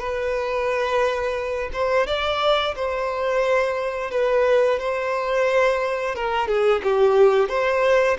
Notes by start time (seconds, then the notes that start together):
0.00 B4
1.73 C5
2.07 D5
2.76 C5
4.11 B4
4.79 C5
6.15 A#4
6.48 G#4
6.84 G4
7.49 C5